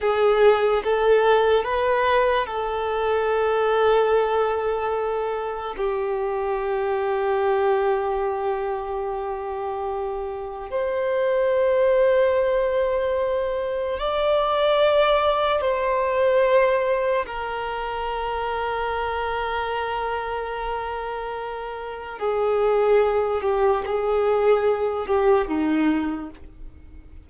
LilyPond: \new Staff \with { instrumentName = "violin" } { \time 4/4 \tempo 4 = 73 gis'4 a'4 b'4 a'4~ | a'2. g'4~ | g'1~ | g'4 c''2.~ |
c''4 d''2 c''4~ | c''4 ais'2.~ | ais'2. gis'4~ | gis'8 g'8 gis'4. g'8 dis'4 | }